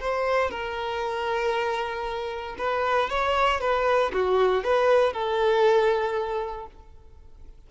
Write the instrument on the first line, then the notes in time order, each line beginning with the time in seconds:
violin
0.00 C5
0.50 A#4
2.58 B4
3.09 C#5
3.60 B4
4.13 F#4
4.63 B4
5.13 A4